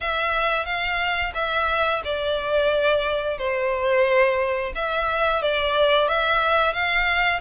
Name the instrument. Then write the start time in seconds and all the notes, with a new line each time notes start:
violin
0.00 E5
0.65 F5
1.34 E5
2.04 D5
3.37 C5
4.75 E5
5.41 D5
6.08 E5
6.73 F5